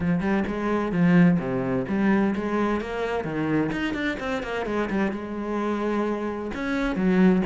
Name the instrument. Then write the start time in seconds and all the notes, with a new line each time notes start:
cello
0.00 F3
0.20 G3
0.47 G#3
0.92 F3
1.39 C3
1.88 G3
2.35 G#3
2.80 A#3
3.24 D#3
3.72 D#4
3.93 D4
4.19 C4
4.42 A#3
4.66 G#3
4.90 G3
5.11 G#3
6.54 C#4
6.95 F#3